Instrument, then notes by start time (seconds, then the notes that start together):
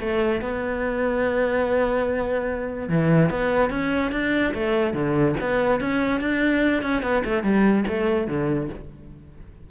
cello
0.00 A3
0.41 B3
2.89 E3
3.30 B3
3.70 C#4
4.12 D4
4.54 A3
4.94 D3
5.41 B3
5.80 C#4
6.21 D4
6.83 C#4
7.02 B3
7.24 A3
7.43 G3
7.88 A3
8.28 D3